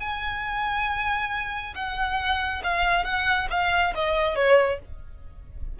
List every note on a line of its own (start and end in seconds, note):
0.00 1.74 G#5
1.75 2.62 F#5
2.64 3.04 F5
3.04 3.48 F#5
3.50 3.94 F5
3.95 4.35 D#5
4.35 4.79 C#5